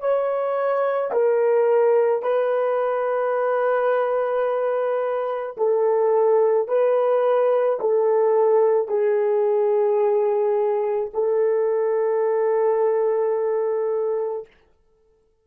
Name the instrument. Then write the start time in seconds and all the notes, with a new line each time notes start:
horn
0.00 C#5
1.12 A#4
2.23 B4
5.57 A4
6.68 B4
7.80 A4
8.88 G#4
11.14 A4